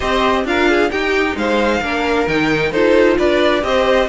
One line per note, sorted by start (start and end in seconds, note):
0.00 0.44 C4
0.00 0.45 G4
0.00 0.45 C5
0.00 0.45 D#5
0.44 0.89 D4
0.44 0.90 F4
0.44 0.69 A#4
0.44 0.90 F5
0.69 0.91 G#4
0.90 1.35 D#4
0.90 1.82 D#4
0.90 1.37 G4
0.90 1.36 G5
1.35 1.80 G#3
1.35 1.82 C5
1.35 2.28 F5
1.81 2.26 A#3
1.81 2.27 D4
1.81 2.71 A#4
2.27 2.72 D#3
2.27 2.73 D#4
2.27 2.72 G5
2.71 3.17 D#4
2.71 3.62 F4
2.71 3.17 A4
2.71 3.17 C5
3.18 3.63 D4
3.18 3.63 B4
3.18 3.63 D5
3.62 4.08 C4
3.62 4.07 G4
3.62 4.08 C5
3.62 4.08 D#5